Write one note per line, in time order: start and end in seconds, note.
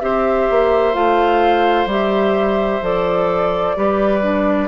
0.00 0.48 C4
0.00 0.93 G4
0.00 3.77 C5
0.00 0.94 E5
0.49 0.95 A#3
0.93 1.85 A3
0.93 1.87 F4
0.93 1.88 F5
1.85 2.79 G3
1.85 2.82 G4
1.85 2.84 E5
2.81 3.75 F3
2.81 3.76 A4
2.81 4.68 D5
3.76 4.68 G3
3.76 4.22 G4
3.76 4.68 B4
4.22 4.68 D4